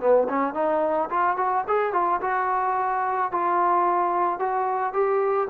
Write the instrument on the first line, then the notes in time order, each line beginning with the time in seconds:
trombone
0.00 B3
0.29 C#4
0.54 D#4
1.10 F4
1.37 F#4
1.67 G#4
1.93 F4
2.21 F#4
3.32 F4
4.39 F#4
4.93 G4